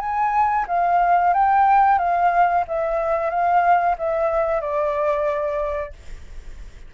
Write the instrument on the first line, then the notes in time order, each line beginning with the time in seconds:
flute
0.00 G#5
0.68 F5
1.34 G5
1.99 F5
2.68 E5
3.30 F5
3.98 E5
4.61 D5